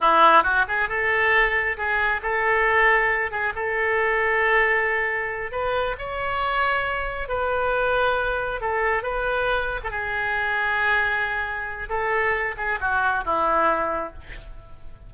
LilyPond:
\new Staff \with { instrumentName = "oboe" } { \time 4/4 \tempo 4 = 136 e'4 fis'8 gis'8 a'2 | gis'4 a'2~ a'8 gis'8 | a'1~ | a'8 b'4 cis''2~ cis''8~ |
cis''8 b'2. a'8~ | a'8 b'4.~ b'16 a'16 gis'4.~ | gis'2. a'4~ | a'8 gis'8 fis'4 e'2 | }